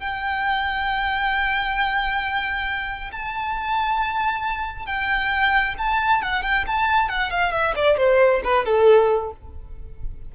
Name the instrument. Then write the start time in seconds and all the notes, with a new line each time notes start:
violin
0.00 G5
3.12 A5
4.86 G5
5.79 A5
6.22 F#5
6.43 G5
6.67 A5
7.09 F#5
7.31 F5
7.53 E5
7.76 D5
7.98 C5
8.44 B4
8.66 A4